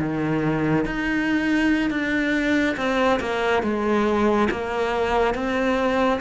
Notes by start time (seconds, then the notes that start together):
0.00 D#3
0.86 D#4
1.91 D4
2.77 C4
3.21 A#3
3.63 G#3
4.51 A#3
5.35 C4